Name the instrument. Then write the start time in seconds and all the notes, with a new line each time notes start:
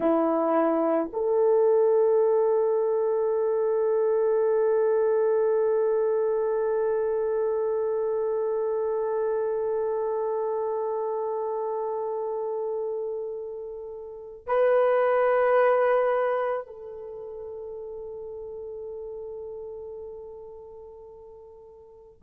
horn
0.00 E4
1.13 A4
14.46 B4
16.66 A4